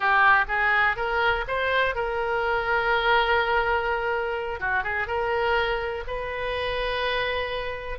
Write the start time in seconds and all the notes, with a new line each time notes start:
0.00 G4
0.48 G#4
0.96 A#4
1.47 C5
1.95 A#4
4.60 F#4
4.83 G#4
5.07 A#4
6.07 B4